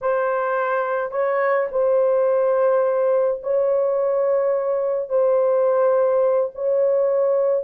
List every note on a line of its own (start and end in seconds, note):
0.01 1.11 C5
1.11 1.67 C#5
1.71 3.40 C5
3.42 5.09 C#5
5.09 6.50 C5
6.54 7.64 C#5